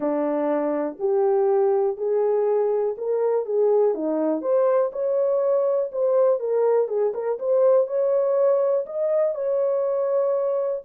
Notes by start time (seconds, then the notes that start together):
0.00 D4
0.99 G4
1.97 G#4
2.97 A#4
3.45 G#4
3.94 D#4
4.41 C5
4.92 C#5
5.92 C5
6.39 A#4
6.88 G#4
7.14 A#4
7.39 C5
7.87 C#5
8.85 D#5
9.34 C#5